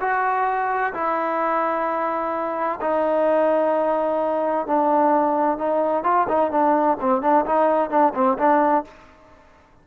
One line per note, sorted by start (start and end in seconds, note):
0.00 0.93 F#4
0.93 2.79 E4
2.80 4.66 D#4
4.67 5.58 D4
5.58 6.04 D#4
6.04 6.27 F4
6.28 6.51 D#4
6.51 6.97 D4
7.00 7.22 C4
7.22 7.45 D4
7.45 7.90 D#4
7.90 8.13 D4
8.14 8.37 C4
8.38 8.84 D4